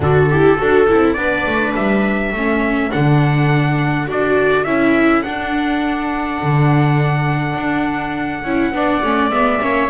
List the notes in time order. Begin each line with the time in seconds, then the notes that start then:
0.00 D3 D4 F#4 A4
0.29 E4 G4
0.58 D4 F#4 A4
0.88 C4 E4
1.13 B3 D4 B4 D5
1.46 A3
1.75 G3 E5
2.32 A3 C#4 A4
2.90 D3 D4 F#5
4.06 D4 F#4 D5
4.64 C#4 E4 E5
5.22 D4 F#5
6.42 D3
7.55 D4
8.43 C#4 E4
8.72 B3 D4 D5
9.03 A3 C#4
9.30 G#3 B3 E5
9.61 A#3 C#4 C#5